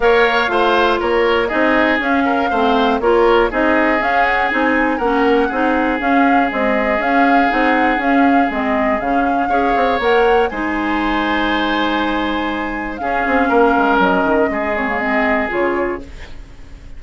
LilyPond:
<<
  \new Staff \with { instrumentName = "flute" } { \time 4/4 \tempo 4 = 120 f''2 cis''4 dis''4 | f''2 cis''4 dis''4 | f''8 fis''8 gis''4 fis''2 | f''4 dis''4 f''4 fis''4 |
f''4 dis''4 f''2 | fis''4 gis''2.~ | gis''2 f''2 | dis''4. cis''8 dis''4 cis''4 | }
  \new Staff \with { instrumentName = "oboe" } { \time 4/4 cis''4 c''4 ais'4 gis'4~ | gis'8 ais'8 c''4 ais'4 gis'4~ | gis'2 ais'4 gis'4~ | gis'1~ |
gis'2. cis''4~ | cis''4 c''2.~ | c''2 gis'4 ais'4~ | ais'4 gis'2. | }
  \new Staff \with { instrumentName = "clarinet" } { \time 4/4 ais'4 f'2 dis'4 | cis'4 c'4 f'4 dis'4 | cis'4 dis'4 cis'4 dis'4 | cis'4 gis4 cis'4 dis'4 |
cis'4 c'4 cis'4 gis'4 | ais'4 dis'2.~ | dis'2 cis'2~ | cis'4. c'16 ais16 c'4 f'4 | }
  \new Staff \with { instrumentName = "bassoon" } { \time 4/4 ais4 a4 ais4 c'4 | cis'4 a4 ais4 c'4 | cis'4 c'4 ais4 c'4 | cis'4 c'4 cis'4 c'4 |
cis'4 gis4 cis4 cis'8 c'8 | ais4 gis2.~ | gis2 cis'8 c'8 ais8 gis8 | fis8 dis8 gis2 cis4 | }
>>